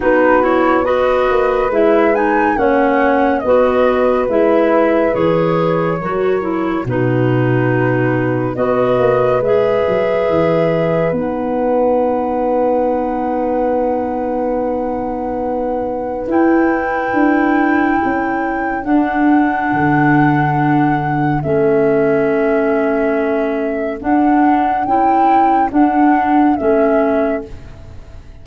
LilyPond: <<
  \new Staff \with { instrumentName = "flute" } { \time 4/4 \tempo 4 = 70 b'8 cis''8 dis''4 e''8 gis''8 fis''4 | dis''4 e''4 cis''2 | b'2 dis''4 e''4~ | e''4 fis''2.~ |
fis''2. g''4~ | g''2 fis''2~ | fis''4 e''2. | fis''4 g''4 fis''4 e''4 | }
  \new Staff \with { instrumentName = "horn" } { \time 4/4 fis'4 b'2 cis''4 | b'2. ais'4 | fis'2 b'2~ | b'1~ |
b'1~ | b'4 a'2.~ | a'1~ | a'1 | }
  \new Staff \with { instrumentName = "clarinet" } { \time 4/4 dis'8 e'8 fis'4 e'8 dis'8 cis'4 | fis'4 e'4 gis'4 fis'8 e'8 | dis'2 fis'4 gis'4~ | gis'4 dis'2.~ |
dis'2. e'4~ | e'2 d'2~ | d'4 cis'2. | d'4 e'4 d'4 cis'4 | }
  \new Staff \with { instrumentName = "tuba" } { \time 4/4 b4. ais8 gis4 ais4 | b4 gis4 e4 fis4 | b,2 b8 ais8 gis8 fis8 | e4 b2.~ |
b2. e'4 | d'4 cis'4 d'4 d4~ | d4 a2. | d'4 cis'4 d'4 a4 | }
>>